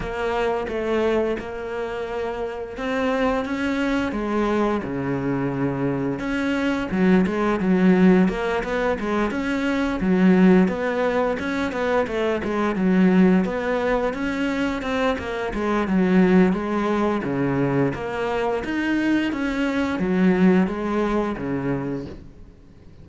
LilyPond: \new Staff \with { instrumentName = "cello" } { \time 4/4 \tempo 4 = 87 ais4 a4 ais2 | c'4 cis'4 gis4 cis4~ | cis4 cis'4 fis8 gis8 fis4 | ais8 b8 gis8 cis'4 fis4 b8~ |
b8 cis'8 b8 a8 gis8 fis4 b8~ | b8 cis'4 c'8 ais8 gis8 fis4 | gis4 cis4 ais4 dis'4 | cis'4 fis4 gis4 cis4 | }